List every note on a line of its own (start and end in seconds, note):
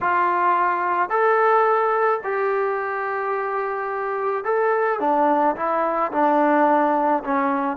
0.00 1.09 F4
1.09 2.20 A4
2.23 4.44 G4
4.44 4.99 A4
4.99 5.55 D4
5.56 6.11 E4
6.12 7.23 D4
7.24 7.77 C#4